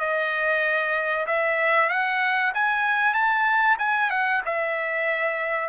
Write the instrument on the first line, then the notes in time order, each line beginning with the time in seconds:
trumpet
0.00 D#5
1.27 E5
1.90 F#5
2.55 G#5
3.14 A5
3.79 G#5
4.10 F#5
4.46 E5